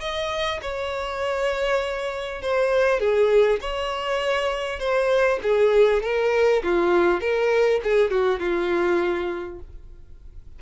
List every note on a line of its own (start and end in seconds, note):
0.00 0.60 D#5
0.62 2.41 C#5
2.41 2.99 C5
2.99 3.59 G#4
3.61 4.79 C#5
4.79 5.39 C5
5.42 6.02 G#4
6.02 6.62 A#4
6.63 7.20 F4
7.20 7.80 A#4
7.83 8.10 G#4
8.10 8.39 F#4
8.39 9.59 F4